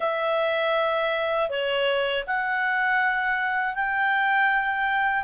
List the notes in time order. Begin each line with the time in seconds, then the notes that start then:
0.00 E5
1.49 C#5
2.27 F#5
3.74 G5